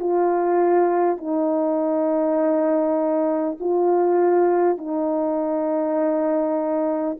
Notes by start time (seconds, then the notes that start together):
0.00 F4
1.18 D#4
3.61 F4
4.78 D#4